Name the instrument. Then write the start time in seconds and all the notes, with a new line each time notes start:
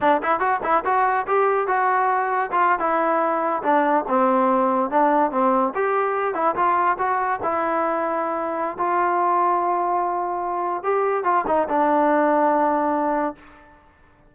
trombone
0.01 D4
0.22 E4
0.39 F#4
0.63 E4
0.84 F#4
1.27 G4
1.67 F#4
2.51 F4
2.79 E4
3.62 D4
4.08 C4
4.90 D4
5.31 C4
5.74 G4
6.34 E4
6.55 F4
6.98 F#4
7.42 E4
8.77 F4
10.83 G4
11.23 F4
11.47 D#4
11.68 D4